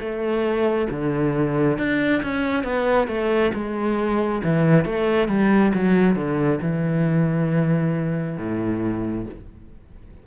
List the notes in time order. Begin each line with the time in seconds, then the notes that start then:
0.00 A3
0.90 D3
1.78 D4
2.23 C#4
2.64 B3
3.08 A3
3.54 G#3
4.44 E3
4.85 A3
5.28 G3
5.74 F#3
6.16 D3
6.62 E3
8.38 A2